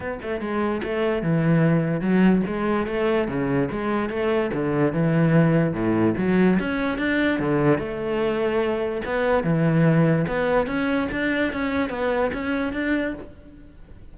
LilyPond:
\new Staff \with { instrumentName = "cello" } { \time 4/4 \tempo 4 = 146 b8 a8 gis4 a4 e4~ | e4 fis4 gis4 a4 | cis4 gis4 a4 d4 | e2 a,4 fis4 |
cis'4 d'4 d4 a4~ | a2 b4 e4~ | e4 b4 cis'4 d'4 | cis'4 b4 cis'4 d'4 | }